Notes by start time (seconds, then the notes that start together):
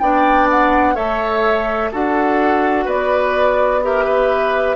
0.00 B3 D4 D5 G5
0.51 F#5
0.95 A3 A4 C#5 E5
1.92 D4 F#4 A4 F#5
2.85 B3 B4 D5
3.83 G4 A#4 E5
4.05 B4